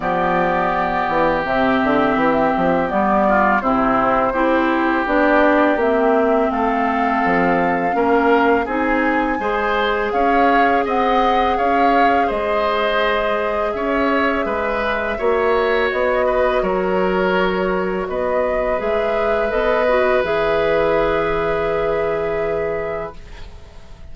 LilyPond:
<<
  \new Staff \with { instrumentName = "flute" } { \time 4/4 \tempo 4 = 83 d''2 e''2 | d''4 c''2 d''4 | e''4 f''2. | gis''2 f''4 fis''4 |
f''4 dis''2 e''4~ | e''2 dis''4 cis''4~ | cis''4 dis''4 e''4 dis''4 | e''1 | }
  \new Staff \with { instrumentName = "oboe" } { \time 4/4 g'1~ | g'8 f'8 e'4 g'2~ | g'4 a'2 ais'4 | gis'4 c''4 cis''4 dis''4 |
cis''4 c''2 cis''4 | b'4 cis''4. b'8 ais'4~ | ais'4 b'2.~ | b'1 | }
  \new Staff \with { instrumentName = "clarinet" } { \time 4/4 b2 c'2 | b4 c'4 e'4 d'4 | c'2. cis'4 | dis'4 gis'2.~ |
gis'1~ | gis'4 fis'2.~ | fis'2 gis'4 a'8 fis'8 | gis'1 | }
  \new Staff \with { instrumentName = "bassoon" } { \time 4/4 f4. e8 c8 d8 e8 f8 | g4 c4 c'4 b4 | ais4 a4 f4 ais4 | c'4 gis4 cis'4 c'4 |
cis'4 gis2 cis'4 | gis4 ais4 b4 fis4~ | fis4 b4 gis4 b4 | e1 | }
>>